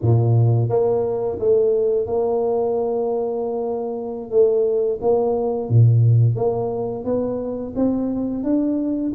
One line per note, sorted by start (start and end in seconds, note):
0.01 0.69 A#2
0.69 1.38 A#3
1.39 2.06 A3
2.06 4.30 A#3
4.30 4.99 A3
5.01 5.69 A#3
5.69 6.35 A#2
6.35 7.04 A#3
7.04 7.73 B3
7.75 8.43 C4
8.43 9.12 D4